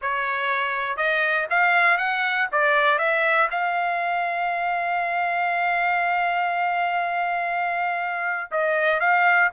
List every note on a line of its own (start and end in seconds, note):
0.01 0.96 C#5
0.96 1.46 D#5
1.50 1.97 F5
1.97 2.48 F#5
2.51 2.98 D5
2.98 3.48 E5
3.50 8.50 F5
8.51 9.00 D#5
9.00 9.50 F5